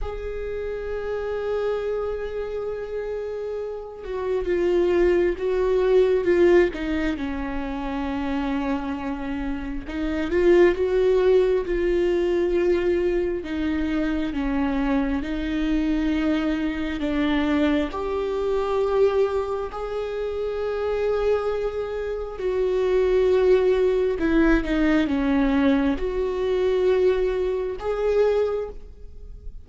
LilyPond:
\new Staff \with { instrumentName = "viola" } { \time 4/4 \tempo 4 = 67 gis'1~ | gis'8 fis'8 f'4 fis'4 f'8 dis'8 | cis'2. dis'8 f'8 | fis'4 f'2 dis'4 |
cis'4 dis'2 d'4 | g'2 gis'2~ | gis'4 fis'2 e'8 dis'8 | cis'4 fis'2 gis'4 | }